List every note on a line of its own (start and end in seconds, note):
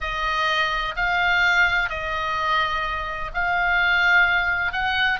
0.00 0.95 D#5
0.96 1.89 F5
1.89 3.31 D#5
3.34 4.72 F5
4.72 5.19 F#5